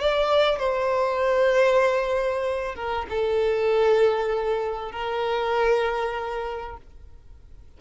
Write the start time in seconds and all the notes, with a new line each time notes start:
0.00 D5
0.59 C5
2.76 A#4
3.10 A4
4.92 A#4